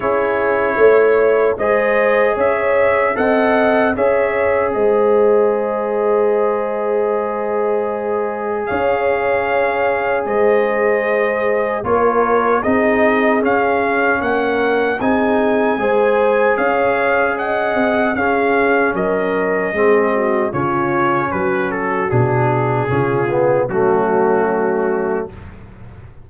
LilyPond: <<
  \new Staff \with { instrumentName = "trumpet" } { \time 4/4 \tempo 4 = 76 cis''2 dis''4 e''4 | fis''4 e''4 dis''2~ | dis''2. f''4~ | f''4 dis''2 cis''4 |
dis''4 f''4 fis''4 gis''4~ | gis''4 f''4 fis''4 f''4 | dis''2 cis''4 b'8 a'8 | gis'2 fis'2 | }
  \new Staff \with { instrumentName = "horn" } { \time 4/4 gis'4 cis''4 c''4 cis''4 | dis''4 cis''4 c''2~ | c''2. cis''4~ | cis''4 c''2 ais'4 |
gis'2 ais'4 gis'4 | c''4 cis''4 dis''4 gis'4 | ais'4 gis'8 fis'8 f'4 fis'4~ | fis'4 f'4 cis'2 | }
  \new Staff \with { instrumentName = "trombone" } { \time 4/4 e'2 gis'2 | a'4 gis'2.~ | gis'1~ | gis'2. f'4 |
dis'4 cis'2 dis'4 | gis'2. cis'4~ | cis'4 c'4 cis'2 | d'4 cis'8 b8 a2 | }
  \new Staff \with { instrumentName = "tuba" } { \time 4/4 cis'4 a4 gis4 cis'4 | c'4 cis'4 gis2~ | gis2. cis'4~ | cis'4 gis2 ais4 |
c'4 cis'4 ais4 c'4 | gis4 cis'4. c'8 cis'4 | fis4 gis4 cis4 fis4 | b,4 cis4 fis2 | }
>>